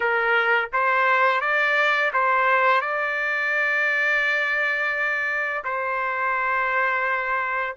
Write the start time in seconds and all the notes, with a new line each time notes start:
0.00 A#4
0.73 C5
1.41 D5
2.13 C5
2.81 D5
5.64 C5